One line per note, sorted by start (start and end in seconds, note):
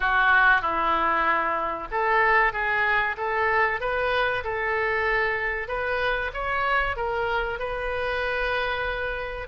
0.00 0.61 F#4
0.61 1.88 E4
1.91 2.53 A4
2.53 3.16 G#4
3.17 3.80 A4
3.80 4.43 B4
4.44 5.68 A4
5.68 6.31 B4
6.33 6.96 C#5
6.96 7.59 A#4
7.59 9.47 B4